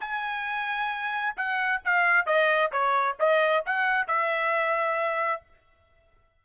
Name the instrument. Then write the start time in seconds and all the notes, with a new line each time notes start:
trumpet
0.00 G#5
1.36 F#5
1.84 F5
2.26 D#5
2.71 C#5
3.19 D#5
3.66 F#5
4.07 E5